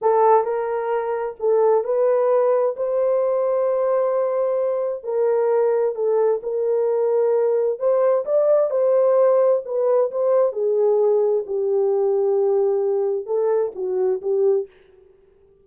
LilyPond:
\new Staff \with { instrumentName = "horn" } { \time 4/4 \tempo 4 = 131 a'4 ais'2 a'4 | b'2 c''2~ | c''2. ais'4~ | ais'4 a'4 ais'2~ |
ais'4 c''4 d''4 c''4~ | c''4 b'4 c''4 gis'4~ | gis'4 g'2.~ | g'4 a'4 fis'4 g'4 | }